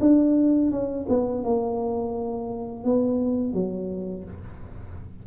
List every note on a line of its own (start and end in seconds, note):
0.00 0.71 D4
0.71 1.06 C#4
1.08 1.43 B3
1.43 2.84 A#3
2.84 3.53 B3
3.53 4.24 F#3